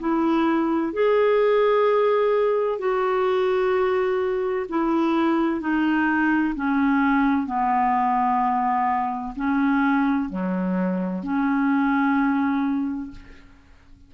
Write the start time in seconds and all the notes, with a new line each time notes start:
0.00 E4
0.93 G#4
2.79 F#4
4.69 E4
5.61 D#4
6.56 C#4
7.47 B3
9.36 C#4
10.30 F#3
11.24 C#4